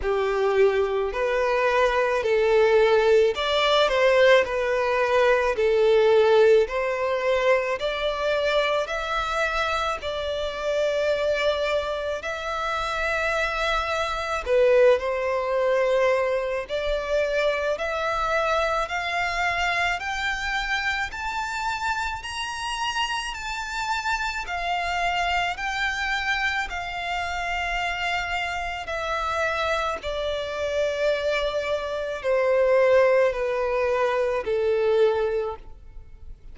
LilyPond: \new Staff \with { instrumentName = "violin" } { \time 4/4 \tempo 4 = 54 g'4 b'4 a'4 d''8 c''8 | b'4 a'4 c''4 d''4 | e''4 d''2 e''4~ | e''4 b'8 c''4. d''4 |
e''4 f''4 g''4 a''4 | ais''4 a''4 f''4 g''4 | f''2 e''4 d''4~ | d''4 c''4 b'4 a'4 | }